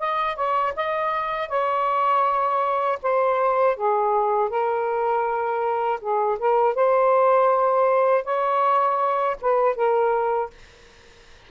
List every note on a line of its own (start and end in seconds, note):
0.00 0.36 D#5
0.36 0.74 C#5
0.76 1.49 D#5
1.49 2.99 C#5
3.03 3.77 C5
3.77 4.50 G#4
4.50 6.00 A#4
6.01 6.39 G#4
6.39 6.75 A#4
6.75 8.25 C5
8.25 9.37 C#5
9.42 9.76 B4
9.76 10.51 A#4